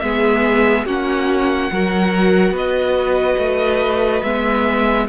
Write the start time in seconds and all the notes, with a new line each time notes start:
0.00 G#3 B3 G#4 E5
0.86 A#3 C#4 F#4 F#5
1.72 F#3 F#4 A#4
2.51 B3 B4 D#5
3.38 A3
4.22 G#3 B3 E5